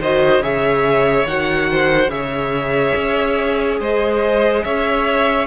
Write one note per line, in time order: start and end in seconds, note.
0.00 0.40 D#3
0.00 0.42 F#4
0.00 0.42 C5
0.00 0.43 D#5
0.40 1.24 C#3
0.40 1.27 G#4
0.40 1.69 C#5
0.40 1.27 E5
1.26 2.08 D#3
1.26 2.10 F#4
1.26 2.10 F#5
1.71 2.11 C5
2.08 2.92 C#3
2.08 5.47 G#4
2.08 3.80 C#5
2.08 3.79 E5
2.96 3.80 C#4
3.80 4.64 G#3
3.80 4.64 C5
3.80 4.64 D#5
4.64 5.47 C#4
4.64 5.47 C#5
4.64 5.47 E5